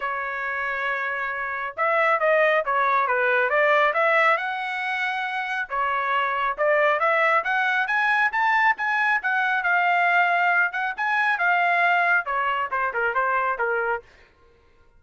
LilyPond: \new Staff \with { instrumentName = "trumpet" } { \time 4/4 \tempo 4 = 137 cis''1 | e''4 dis''4 cis''4 b'4 | d''4 e''4 fis''2~ | fis''4 cis''2 d''4 |
e''4 fis''4 gis''4 a''4 | gis''4 fis''4 f''2~ | f''8 fis''8 gis''4 f''2 | cis''4 c''8 ais'8 c''4 ais'4 | }